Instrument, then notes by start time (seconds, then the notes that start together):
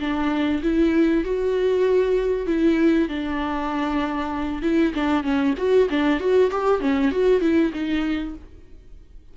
viola
0.00 D4
0.63 E4
1.25 F#4
2.47 E4
3.09 D4
4.63 E4
4.94 D4
5.24 C#4
5.58 F#4
5.90 D4
6.20 F#4
6.51 G4
6.81 C#4
7.12 F#4
7.41 E4
7.73 D#4